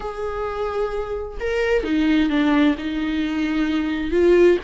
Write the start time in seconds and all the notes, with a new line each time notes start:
0.00 G#4
1.40 A#4
1.83 D#4
2.29 D4
2.77 D#4
4.11 F4